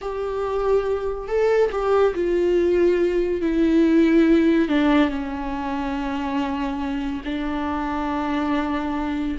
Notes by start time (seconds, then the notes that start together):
0.01 G4
1.27 A4
1.71 G4
2.14 F4
3.41 E4
4.68 D4
5.09 C#4
7.24 D4